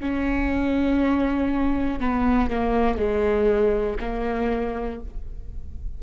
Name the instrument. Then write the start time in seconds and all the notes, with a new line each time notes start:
viola
0.00 C#4
2.00 B3
2.50 A#3
2.97 G#3
4.00 A#3